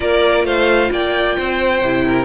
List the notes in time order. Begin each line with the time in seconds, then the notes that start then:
0.00 A#3 F4 A#4 D5
0.44 A3 C5 F5
0.91 A#3 D5 G5
1.37 C4 C5
1.82 C3 E4
2.07 A#4